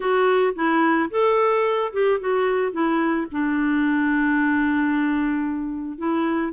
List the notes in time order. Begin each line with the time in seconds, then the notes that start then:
0.00 F#4
0.55 E4
1.10 A4
1.92 G4
2.20 F#4
2.72 E4
3.31 D4
5.98 E4